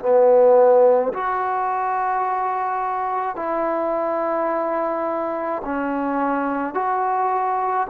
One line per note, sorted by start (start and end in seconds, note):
0.00 1.13 B3
1.14 3.36 F#4
3.36 5.63 E4
5.65 6.75 C#4
6.75 7.88 F#4